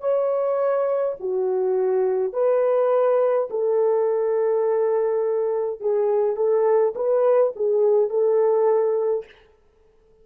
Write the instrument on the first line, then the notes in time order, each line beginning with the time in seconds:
horn
0.00 C#5
1.20 F#4
2.33 B4
3.50 A4
5.80 G#4
6.36 A4
6.95 B4
7.56 G#4
8.10 A4